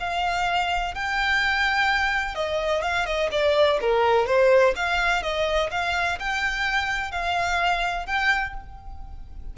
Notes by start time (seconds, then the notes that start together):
0.00 F5
0.95 G5
2.35 D#5
2.83 F5
3.06 D#5
3.32 D5
3.82 A#4
4.27 C5
4.76 F5
5.23 D#5
5.71 F5
6.20 G5
7.12 F5
8.07 G5